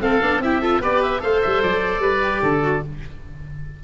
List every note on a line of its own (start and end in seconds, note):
0.00 0.20 A3
0.00 0.20 C4
0.00 0.43 A4
0.00 0.42 F5
0.21 0.39 B3
0.21 0.42 D4
0.39 0.79 C4
0.39 0.62 E4
0.39 0.61 G4
0.39 0.82 E5
0.61 0.82 F4
0.61 0.81 A4
0.80 1.20 B3
0.80 1.19 G4
0.80 1.21 B4
0.80 1.03 D5
1.03 1.21 E5
1.19 1.42 A3
1.19 2.20 A4
1.19 2.01 C5
1.19 1.41 F5
1.42 1.63 G3
1.42 1.62 E5
1.63 1.99 F#3
1.63 2.84 D5
1.99 2.39 G3
1.99 2.42 B4
2.22 2.62 G4
2.42 2.83 D3
2.42 2.83 A4
2.62 2.82 F#4